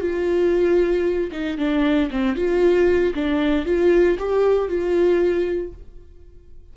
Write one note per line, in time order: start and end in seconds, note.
0.00 1.30 F4
1.31 1.57 D#4
1.57 2.10 D4
2.10 2.35 C4
2.35 3.14 F4
3.14 3.65 D4
3.65 4.17 F4
4.19 4.68 G4
4.68 5.72 F4